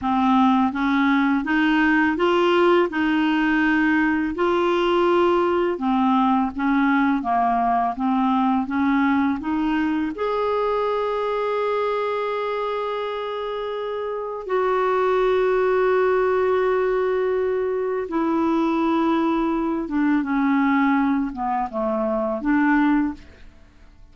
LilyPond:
\new Staff \with { instrumentName = "clarinet" } { \time 4/4 \tempo 4 = 83 c'4 cis'4 dis'4 f'4 | dis'2 f'2 | c'4 cis'4 ais4 c'4 | cis'4 dis'4 gis'2~ |
gis'1 | fis'1~ | fis'4 e'2~ e'8 d'8 | cis'4. b8 a4 d'4 | }